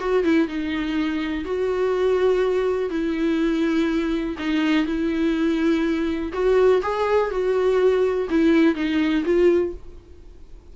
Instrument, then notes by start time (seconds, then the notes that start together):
viola
0.00 F#4
0.24 E4
0.48 D#4
1.45 F#4
2.90 E4
4.39 D#4
4.86 E4
6.33 F#4
6.82 G#4
7.31 F#4
8.30 E4
8.75 D#4
9.25 F4